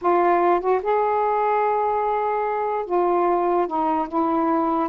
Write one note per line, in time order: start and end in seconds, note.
0.01 0.60 F4
0.60 0.81 F#4
0.82 2.85 G#4
2.85 3.67 F4
3.67 4.08 D#4
4.08 4.88 E4